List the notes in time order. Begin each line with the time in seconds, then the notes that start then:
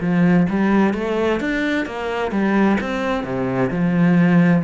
0.00 F3
0.49 G3
0.94 A3
1.40 D4
1.85 A#3
2.31 G3
2.80 C4
3.23 C3
3.70 F3